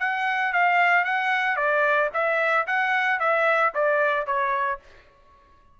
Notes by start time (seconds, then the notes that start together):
0.00 F#5
0.53 F5
1.05 F#5
1.57 D5
2.14 E5
2.67 F#5
3.20 E5
3.75 D5
4.27 C#5